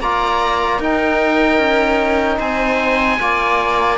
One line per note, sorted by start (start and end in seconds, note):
0.00 0.79 A#3
0.00 0.82 F4
0.00 0.80 D5
0.00 0.81 A#5
0.79 1.58 D#4
0.79 3.20 D#4
0.79 2.38 A#4
0.79 2.40 G5
1.58 2.38 C#4
2.38 3.19 C4
2.38 3.18 C5
2.38 3.98 G#5
3.20 3.98 A#3
3.20 3.98 F4
3.20 3.98 D5